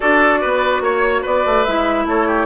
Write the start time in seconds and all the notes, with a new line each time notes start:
0.00 D4 F#4 A4 D5
0.40 B3 B4
0.80 A#3 C#5
1.22 B3 B4 D5
1.45 A3
1.64 G#3 E4 E5
2.05 A3 A4 C#5
2.27 G4